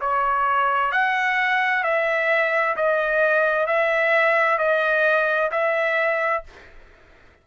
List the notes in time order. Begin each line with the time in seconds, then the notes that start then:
0.00 C#5
0.91 F#5
1.83 E5
2.76 D#5
3.66 E5
4.58 D#5
5.51 E5